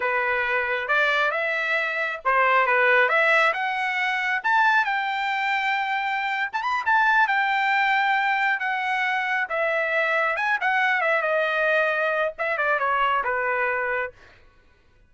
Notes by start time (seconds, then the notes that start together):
0.00 B4
0.87 D5
1.31 E5
2.24 C5
2.66 B4
3.08 E5
3.53 F#5
4.43 A5
4.84 G5
6.53 A5
6.62 B5
6.85 A5
7.27 G5
8.59 F#5
9.49 E5
10.36 G#5
10.61 F#5
11.01 E5
11.22 D#5
12.38 E5
12.57 D5
12.79 C#5
13.24 B4